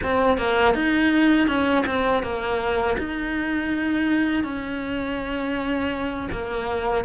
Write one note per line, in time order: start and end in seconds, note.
0.02 0.37 C4
0.37 0.74 A#3
0.74 1.47 D#4
1.47 1.84 C#4
1.86 2.22 C4
2.22 2.96 A#3
2.98 4.43 D#4
4.43 6.28 C#4
6.31 7.04 A#3